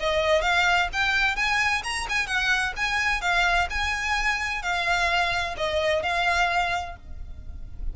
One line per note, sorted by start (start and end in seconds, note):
0.00 0.42 D#5
0.42 0.88 F5
0.93 1.36 G5
1.36 1.82 G#5
1.84 2.07 A#5
2.09 2.27 G#5
2.27 2.74 F#5
2.77 3.21 G#5
3.21 3.68 F5
3.70 4.62 G#5
4.62 5.55 F5
5.58 6.03 D#5
6.03 6.96 F5